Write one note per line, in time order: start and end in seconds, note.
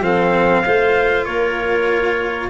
0.00 0.62 F3
0.00 0.65 C4
0.00 0.64 A4
0.00 1.25 F5
0.64 1.26 A3
0.64 2.50 F4
0.64 1.25 C5
1.25 2.50 A#3
1.25 2.50 A#4
1.25 2.49 C#5